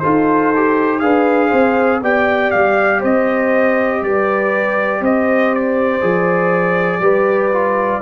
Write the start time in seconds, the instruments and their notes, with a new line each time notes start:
0.00 tuba D#4, trombone F4, horn A4, trumpet C5
0.56 trombone G4
1.00 tuba D4, trombone G#4, horn B4, trumpet F5
1.49 tuba C4, horn C5
2.02 tuba B3, trombone G4, horn D5, trumpet G5
2.51 tuba G3, trumpet F5
3.00 tuba C4, horn C5, trumpet D#5
4.02 tuba G3, horn B4, trumpet D5
5.01 tuba C4, horn C5, trumpet D#5
5.55 trumpet D5
6.02 tuba F3, trombone G#4
7.00 tuba G3, trombone G4, horn B4
7.53 trombone F4